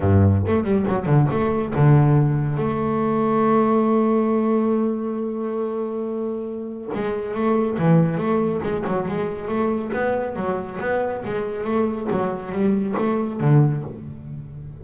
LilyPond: \new Staff \with { instrumentName = "double bass" } { \time 4/4 \tempo 4 = 139 g,4 a8 g8 fis8 d8 a4 | d2 a2~ | a1~ | a1 |
gis4 a4 e4 a4 | gis8 fis8 gis4 a4 b4 | fis4 b4 gis4 a4 | fis4 g4 a4 d4 | }